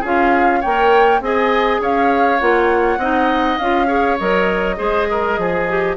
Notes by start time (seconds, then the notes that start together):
0.00 C#4 F4 G#4 F5
0.60 A#3 A#4 C#5 G5
1.20 C4 G#4 D#5 G#5
1.80 C#4 C#5 F5
2.40 A#3 F4 F#5
2.97 C4 D#4 D#5
3.58 C#4 F4 F5
3.87 G#4 C#5
4.19 F#3 A#4 D#5
4.76 G#3 G#4 C5
5.11 A#4
5.38 F3 G#4
5.69 G4